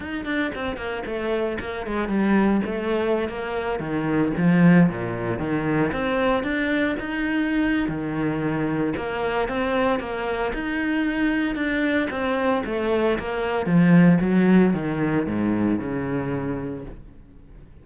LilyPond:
\new Staff \with { instrumentName = "cello" } { \time 4/4 \tempo 4 = 114 dis'8 d'8 c'8 ais8 a4 ais8 gis8 | g4 a4~ a16 ais4 dis8.~ | dis16 f4 ais,4 dis4 c'8.~ | c'16 d'4 dis'4.~ dis'16 dis4~ |
dis4 ais4 c'4 ais4 | dis'2 d'4 c'4 | a4 ais4 f4 fis4 | dis4 gis,4 cis2 | }